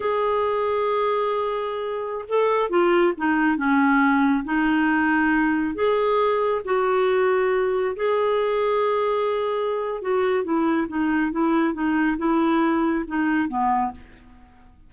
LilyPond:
\new Staff \with { instrumentName = "clarinet" } { \time 4/4 \tempo 4 = 138 gis'1~ | gis'4~ gis'16 a'4 f'4 dis'8.~ | dis'16 cis'2 dis'4.~ dis'16~ | dis'4~ dis'16 gis'2 fis'8.~ |
fis'2~ fis'16 gis'4.~ gis'16~ | gis'2. fis'4 | e'4 dis'4 e'4 dis'4 | e'2 dis'4 b4 | }